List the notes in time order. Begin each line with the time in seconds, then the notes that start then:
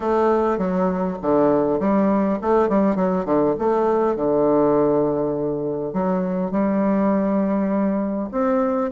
0.00 A3
0.58 F#3
1.22 D3
1.79 G3
2.41 A3
2.68 G3
2.95 F#3
3.25 D3
3.59 A3
4.16 D3
5.93 F#3
6.51 G3
8.31 C4